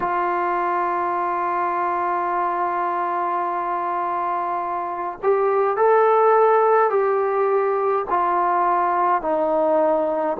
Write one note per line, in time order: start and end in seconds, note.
0.00 5.19 F4
5.22 5.76 G4
5.76 6.89 A4
6.89 8.05 G4
8.09 9.21 F4
9.21 10.36 D#4